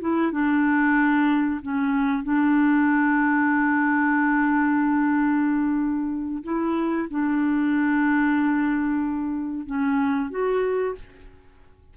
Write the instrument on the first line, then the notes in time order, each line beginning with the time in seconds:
clarinet
0.00 E4
0.31 D4
1.61 C#4
2.23 D4
6.43 E4
7.10 D4
9.66 C#4
10.30 F#4